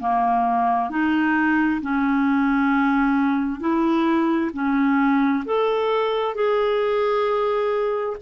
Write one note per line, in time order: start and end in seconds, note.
0.00 0.90 A#3
0.90 1.81 D#4
1.82 3.60 C#4
3.60 4.51 E4
4.53 5.44 C#4
5.45 6.35 A4
6.35 8.17 G#4